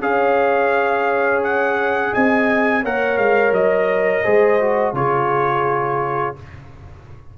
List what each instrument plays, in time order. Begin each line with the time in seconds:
0.00 tuba C#4, trombone G#4, horn C#5, trumpet F5
1.43 trumpet F#5
2.13 tuba C4, horn D#5, trumpet G#5
2.82 tuba A#3, trombone A#4, horn C#5, trumpet F#5
3.17 tuba G#3, trumpet F5
3.51 tuba F#3, trumpet D#5
4.23 tuba G#3, trombone G#4, horn C5
4.60 trombone F#4
4.93 tuba C#3, trombone F4, horn G#4, trumpet C#5